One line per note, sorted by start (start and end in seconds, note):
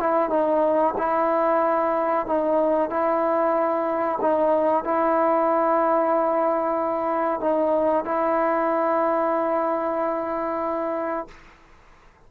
0.00 0.30 E4
0.30 0.94 D#4
0.98 2.26 E4
2.26 2.90 D#4
2.90 4.19 E4
4.21 4.84 D#4
4.84 7.40 E4
7.40 8.05 D#4
8.05 11.28 E4